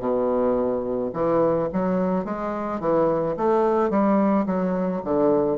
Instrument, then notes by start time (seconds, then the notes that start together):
bassoon
0.00 B2
1.14 E3
1.73 F#3
2.25 G#3
2.80 E3
3.37 A3
3.90 G3
4.46 F#3
5.05 D3